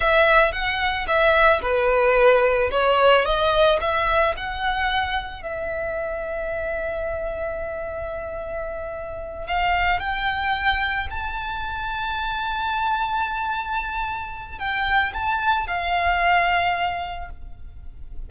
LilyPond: \new Staff \with { instrumentName = "violin" } { \time 4/4 \tempo 4 = 111 e''4 fis''4 e''4 b'4~ | b'4 cis''4 dis''4 e''4 | fis''2 e''2~ | e''1~ |
e''4. f''4 g''4.~ | g''8 a''2.~ a''8~ | a''2. g''4 | a''4 f''2. | }